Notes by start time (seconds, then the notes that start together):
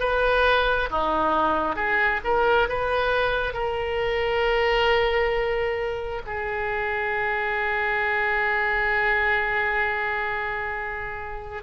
0.00 B4
0.90 D#4
1.76 G#4
2.24 A#4
2.69 B4
3.53 A#4
6.26 G#4